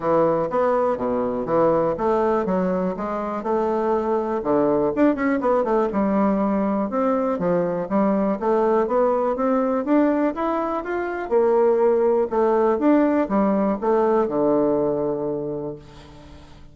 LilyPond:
\new Staff \with { instrumentName = "bassoon" } { \time 4/4 \tempo 4 = 122 e4 b4 b,4 e4 | a4 fis4 gis4 a4~ | a4 d4 d'8 cis'8 b8 a8 | g2 c'4 f4 |
g4 a4 b4 c'4 | d'4 e'4 f'4 ais4~ | ais4 a4 d'4 g4 | a4 d2. | }